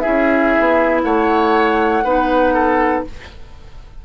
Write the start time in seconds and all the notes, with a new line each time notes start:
0.00 C#4 E4 G#4 E5
0.59 B3
1.04 A3 C#5 F#5
2.04 B3 D#4 B4
2.54 A4